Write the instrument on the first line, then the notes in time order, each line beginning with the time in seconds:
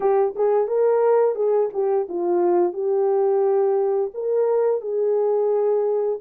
horn
0.00 G4
0.35 G#4
0.67 A#4
1.34 G#4
1.73 G4
2.08 F4
2.73 G4
4.13 A#4
4.81 G#4